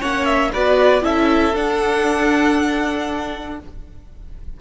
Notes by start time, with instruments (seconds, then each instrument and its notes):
0.00 cello A#3, viola C#4, violin C#5 F#5
0.25 violin E5
0.53 cello B3, viola F#4, violin B4 D5
1.02 cello C#4, viola E4, violin A4 E5
1.54 cello D4, viola D4, violin F#5